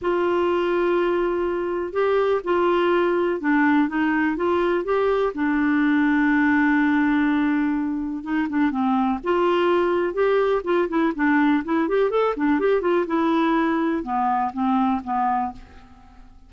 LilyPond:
\new Staff \with { instrumentName = "clarinet" } { \time 4/4 \tempo 4 = 124 f'1 | g'4 f'2 d'4 | dis'4 f'4 g'4 d'4~ | d'1~ |
d'4 dis'8 d'8 c'4 f'4~ | f'4 g'4 f'8 e'8 d'4 | e'8 g'8 a'8 d'8 g'8 f'8 e'4~ | e'4 b4 c'4 b4 | }